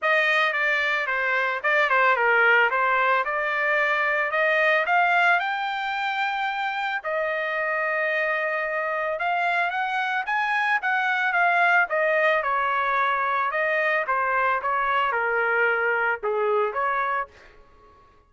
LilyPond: \new Staff \with { instrumentName = "trumpet" } { \time 4/4 \tempo 4 = 111 dis''4 d''4 c''4 d''8 c''8 | ais'4 c''4 d''2 | dis''4 f''4 g''2~ | g''4 dis''2.~ |
dis''4 f''4 fis''4 gis''4 | fis''4 f''4 dis''4 cis''4~ | cis''4 dis''4 c''4 cis''4 | ais'2 gis'4 cis''4 | }